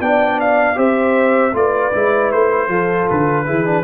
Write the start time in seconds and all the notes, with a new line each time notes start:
0.00 B3 D4 D5 G5
0.40 F5
0.75 C4 G4 C5 E5
1.53 A3 F4 B4 D5
1.92 G#3 E4
2.32 A3 C5
2.68 F3 F4 A4
3.10 D3 B4
3.46 E3 E4 G#4
3.65 D4